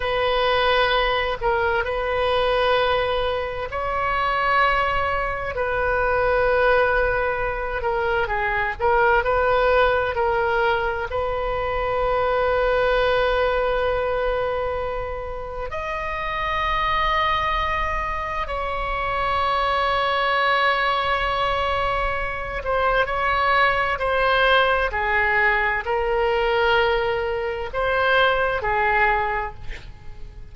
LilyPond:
\new Staff \with { instrumentName = "oboe" } { \time 4/4 \tempo 4 = 65 b'4. ais'8 b'2 | cis''2 b'2~ | b'8 ais'8 gis'8 ais'8 b'4 ais'4 | b'1~ |
b'4 dis''2. | cis''1~ | cis''8 c''8 cis''4 c''4 gis'4 | ais'2 c''4 gis'4 | }